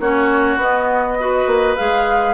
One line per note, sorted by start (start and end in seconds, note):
0.00 0.57 A#3
0.00 0.60 C#4
0.00 1.19 F#4
0.00 0.59 C#5
0.57 1.45 B3
0.57 1.19 B3
0.57 1.77 D#5
1.19 1.77 F#4
1.19 2.35 B4
1.47 1.76 A#3
1.77 2.35 G#3
1.77 2.35 G#4
1.77 2.35 F5